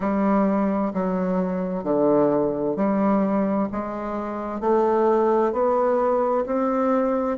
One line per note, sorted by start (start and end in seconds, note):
0.00 0.92 G3
0.93 1.83 F#3
1.83 2.76 D3
2.76 3.68 G3
3.72 4.60 G#3
4.60 5.52 A3
5.52 6.44 B3
6.46 7.37 C4